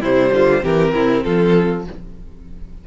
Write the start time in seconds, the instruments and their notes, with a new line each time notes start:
0.00 cello C3, viola G3, violin E4 C5
0.32 cello D3, violin F4
0.61 cello E3, viola C4, violin G4 A#4
0.94 cello C3, violin E4
1.23 cello F3, violin F4 A4